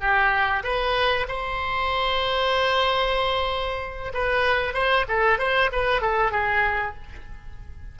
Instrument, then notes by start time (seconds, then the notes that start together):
oboe
0.00 G4
0.63 B4
1.28 C5
4.14 B4
4.74 C5
5.08 A4
5.39 C5
5.72 B4
6.02 A4
6.32 G#4